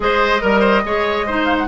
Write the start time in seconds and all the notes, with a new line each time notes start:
0.00 G#3 G#4 C5 D#5
0.41 G3 A#4
0.60 C5
0.84 G#3 G#4 C#5
1.26 D#4 C5
1.45 F5
1.58 F#5